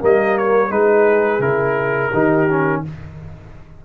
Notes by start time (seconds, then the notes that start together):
0.00 G3 A#3 A#4 D#5
0.38 C#5
0.70 G#3 D#4 G#4 B4
1.39 C#3 E4 A#4
2.12 D#3 D#4 G4
2.49 C#4